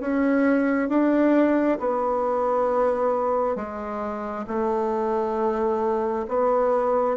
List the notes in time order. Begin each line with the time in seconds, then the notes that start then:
0.00 C#4
0.89 D4
1.80 B3
3.56 G#3
4.47 A3
6.28 B3